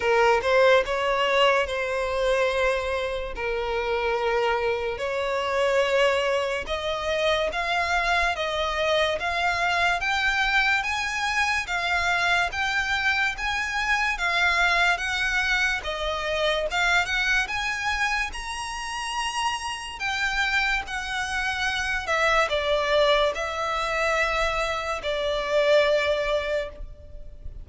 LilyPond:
\new Staff \with { instrumentName = "violin" } { \time 4/4 \tempo 4 = 72 ais'8 c''8 cis''4 c''2 | ais'2 cis''2 | dis''4 f''4 dis''4 f''4 | g''4 gis''4 f''4 g''4 |
gis''4 f''4 fis''4 dis''4 | f''8 fis''8 gis''4 ais''2 | g''4 fis''4. e''8 d''4 | e''2 d''2 | }